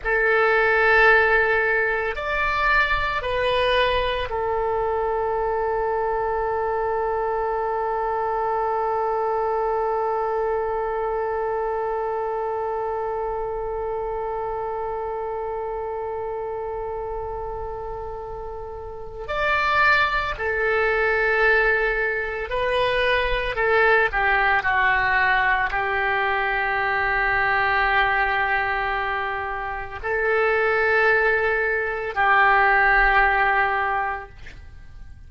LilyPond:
\new Staff \with { instrumentName = "oboe" } { \time 4/4 \tempo 4 = 56 a'2 d''4 b'4 | a'1~ | a'1~ | a'1~ |
a'2 d''4 a'4~ | a'4 b'4 a'8 g'8 fis'4 | g'1 | a'2 g'2 | }